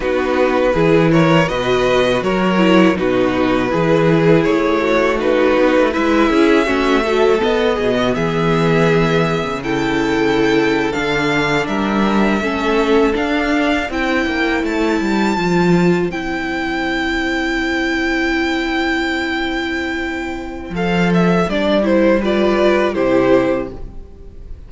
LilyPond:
<<
  \new Staff \with { instrumentName = "violin" } { \time 4/4 \tempo 4 = 81 b'4. cis''8 dis''4 cis''4 | b'2 cis''4 b'4 | e''2 dis''4 e''4~ | e''4 g''4.~ g''16 f''4 e''16~ |
e''4.~ e''16 f''4 g''4 a''16~ | a''4.~ a''16 g''2~ g''16~ | g''1 | f''8 e''8 d''8 c''8 d''4 c''4 | }
  \new Staff \with { instrumentName = "violin" } { \time 4/4 fis'4 gis'8 ais'8 b'4 ais'4 | fis'4 gis'4. fis'4. | b'8 gis'8 fis'8 a'4 gis'16 fis'16 gis'4~ | gis'4 a'2~ a'8. ais'16~ |
ais'8. a'2 c''4~ c''16~ | c''1~ | c''1~ | c''2 b'4 g'4 | }
  \new Staff \with { instrumentName = "viola" } { \time 4/4 dis'4 e'4 fis'4. e'8 | dis'4 e'2 dis'4 | e'4 cis'8 fis8 b2~ | b4 e'4.~ e'16 d'4~ d'16~ |
d'8. cis'4 d'4 e'4~ e'16~ | e'8. f'4 e'2~ e'16~ | e'1 | a'4 d'8 e'8 f'4 e'4 | }
  \new Staff \with { instrumentName = "cello" } { \time 4/4 b4 e4 b,4 fis4 | b,4 e4 a4. b16 a16 | gis8 cis'8 a4 b8 b,8 e4~ | e8. cis2 d4 g16~ |
g8. a4 d'4 c'8 ais8 a16~ | a16 g8 f4 c'2~ c'16~ | c'1 | f4 g2 c4 | }
>>